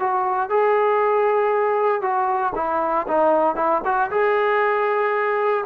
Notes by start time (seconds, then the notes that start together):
0.00 F#4
0.50 G#4
2.02 F#4
2.56 E4
3.08 D#4
3.56 E4
3.85 F#4
4.11 G#4